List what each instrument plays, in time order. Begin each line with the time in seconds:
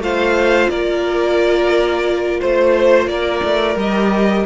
0.00 cello A3, viola F4, violin C5 F5
0.70 cello A#3, violin A#4 D5
2.41 cello A3, violin C5
3.07 cello A#3, violin A#4 D5
3.44 cello A3
3.76 cello G3, viola G4, violin D#5